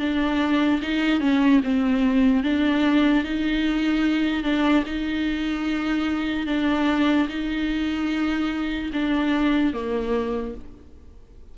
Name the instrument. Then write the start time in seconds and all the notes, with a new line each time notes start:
viola
0.00 D4
0.82 D#4
1.21 C#4
1.64 C4
2.44 D4
3.25 D#4
4.44 D4
4.86 D#4
6.47 D4
7.29 D#4
8.94 D4
9.74 A#3